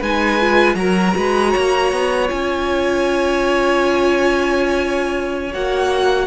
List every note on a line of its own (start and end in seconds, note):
0.00 0.75 G#3
0.00 0.40 D#4
0.00 0.76 B4
0.00 0.75 G#5
0.40 0.78 F4
0.75 1.13 F#3
0.75 2.27 F#4
0.75 1.17 A#4
0.75 2.27 A#5
1.17 1.55 G#3
1.17 1.52 B4
1.52 1.92 A#3
1.52 6.26 C#5
1.92 2.30 B3
2.27 5.55 C#4
2.27 5.50 F4
2.27 5.52 G#5
5.53 6.27 A#3
5.53 6.27 F#4
5.53 6.27 F#5